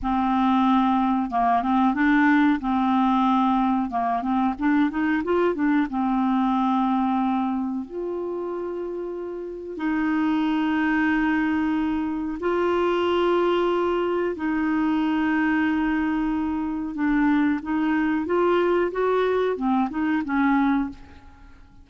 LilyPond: \new Staff \with { instrumentName = "clarinet" } { \time 4/4 \tempo 4 = 92 c'2 ais8 c'8 d'4 | c'2 ais8 c'8 d'8 dis'8 | f'8 d'8 c'2. | f'2. dis'4~ |
dis'2. f'4~ | f'2 dis'2~ | dis'2 d'4 dis'4 | f'4 fis'4 c'8 dis'8 cis'4 | }